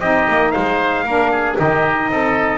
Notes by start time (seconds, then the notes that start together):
0.00 C4 D#4 G4 D#5
0.28 A#3
0.51 G#3 C5 F5
1.04 A#3 D4 A#4
1.31 G#4
1.56 D#3 D#4 G4 D#5
2.10 C4 A4